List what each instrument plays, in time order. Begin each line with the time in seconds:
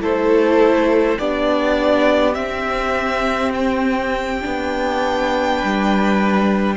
0.00 cello A3, viola E4, violin A4 C5
1.19 cello B3, viola D4, violin G4 D5
2.34 viola C4, cello C4, violin E5
3.54 violin G5
4.41 cello B3, viola D4
5.57 violin B4
5.64 cello G3